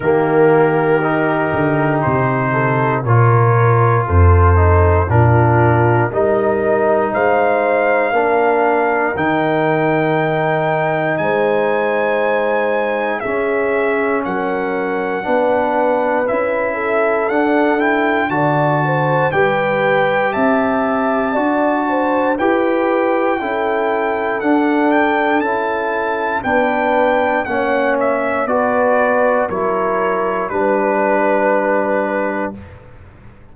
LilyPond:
<<
  \new Staff \with { instrumentName = "trumpet" } { \time 4/4 \tempo 4 = 59 ais'2 c''4 cis''4 | c''4 ais'4 dis''4 f''4~ | f''4 g''2 gis''4~ | gis''4 e''4 fis''2 |
e''4 fis''8 g''8 a''4 g''4 | a''2 g''2 | fis''8 g''8 a''4 g''4 fis''8 e''8 | d''4 cis''4 b'2 | }
  \new Staff \with { instrumentName = "horn" } { \time 4/4 g'2~ g'8 a'8 ais'4 | a'4 f'4 ais'4 c''4 | ais'2. c''4~ | c''4 gis'4 ais'4 b'4~ |
b'8 a'4. d''8 c''8 b'4 | e''4 d''8 c''8 b'4 a'4~ | a'2 b'4 cis''4 | b'4 ais'4 b'2 | }
  \new Staff \with { instrumentName = "trombone" } { \time 4/4 ais4 dis'2 f'4~ | f'8 dis'8 d'4 dis'2 | d'4 dis'2.~ | dis'4 cis'2 d'4 |
e'4 d'8 e'8 fis'4 g'4~ | g'4 fis'4 g'4 e'4 | d'4 e'4 d'4 cis'4 | fis'4 e'4 d'2 | }
  \new Staff \with { instrumentName = "tuba" } { \time 4/4 dis4. d8 c4 ais,4 | f,4 ais,4 g4 gis4 | ais4 dis2 gis4~ | gis4 cis'4 fis4 b4 |
cis'4 d'4 d4 g4 | c'4 d'4 e'4 cis'4 | d'4 cis'4 b4 ais4 | b4 fis4 g2 | }
>>